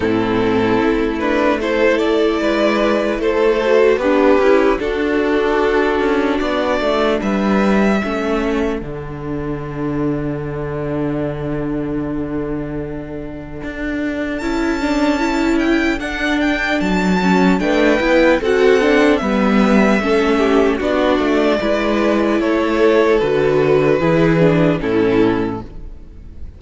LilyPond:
<<
  \new Staff \with { instrumentName = "violin" } { \time 4/4 \tempo 4 = 75 a'4. b'8 c''8 d''4. | c''4 b'4 a'2 | d''4 e''2 fis''4~ | fis''1~ |
fis''2 a''4. g''8 | fis''8 g''8 a''4 g''4 fis''4 | e''2 d''2 | cis''4 b'2 a'4 | }
  \new Staff \with { instrumentName = "violin" } { \time 4/4 e'2 a'4 b'4 | a'4 d'8 e'8 fis'2~ | fis'4 b'4 a'2~ | a'1~ |
a'1~ | a'2 b'4 a'4 | b'4 a'8 g'8 fis'4 b'4 | a'2 gis'4 e'4 | }
  \new Staff \with { instrumentName = "viola" } { \time 4/4 c'4. d'8 e'2~ | e'8 fis'8 g'4 d'2~ | d'2 cis'4 d'4~ | d'1~ |
d'2 e'8 d'8 e'4 | d'4. cis'8 d'8 e'8 fis'8 d'8 | b4 cis'4 d'4 e'4~ | e'4 fis'4 e'8 d'8 cis'4 | }
  \new Staff \with { instrumentName = "cello" } { \time 4/4 a,4 a2 gis4 | a4 b8 cis'8 d'4. cis'8 | b8 a8 g4 a4 d4~ | d1~ |
d4 d'4 cis'2 | d'4 fis4 a8 b8 c'4 | g4 a4 b8 a8 gis4 | a4 d4 e4 a,4 | }
>>